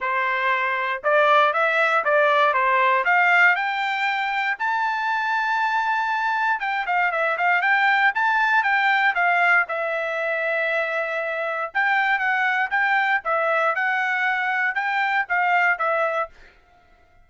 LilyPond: \new Staff \with { instrumentName = "trumpet" } { \time 4/4 \tempo 4 = 118 c''2 d''4 e''4 | d''4 c''4 f''4 g''4~ | g''4 a''2.~ | a''4 g''8 f''8 e''8 f''8 g''4 |
a''4 g''4 f''4 e''4~ | e''2. g''4 | fis''4 g''4 e''4 fis''4~ | fis''4 g''4 f''4 e''4 | }